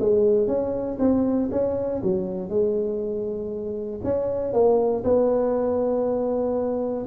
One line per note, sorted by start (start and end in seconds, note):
0.00 0.48 G#3
0.48 0.98 C#4
0.99 1.50 C4
1.52 2.02 C#4
2.04 2.50 F#3
2.50 4.01 G#3
4.04 4.53 C#4
4.53 5.04 A#3
5.04 7.06 B3